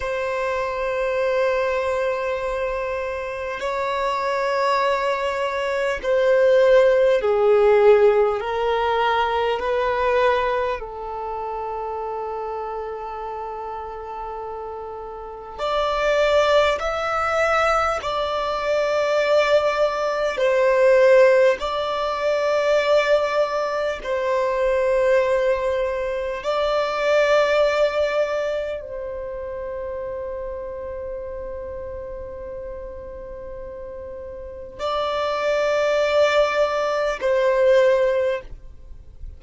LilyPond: \new Staff \with { instrumentName = "violin" } { \time 4/4 \tempo 4 = 50 c''2. cis''4~ | cis''4 c''4 gis'4 ais'4 | b'4 a'2.~ | a'4 d''4 e''4 d''4~ |
d''4 c''4 d''2 | c''2 d''2 | c''1~ | c''4 d''2 c''4 | }